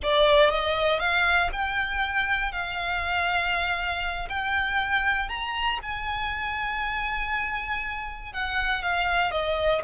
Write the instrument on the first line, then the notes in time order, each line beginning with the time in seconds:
violin
0.03 D5
0.50 D#5
0.99 F5
1.52 G5
2.52 F5
4.29 G5
5.28 A#5
5.82 G#5
8.32 F#5
8.82 F5
9.31 D#5